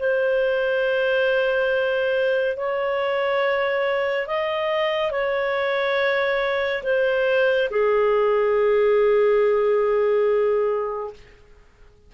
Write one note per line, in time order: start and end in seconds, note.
0.00 2.57 C5
2.57 4.27 C#5
4.27 5.12 D#5
5.12 6.83 C#5
6.84 7.69 C5
7.71 11.14 G#4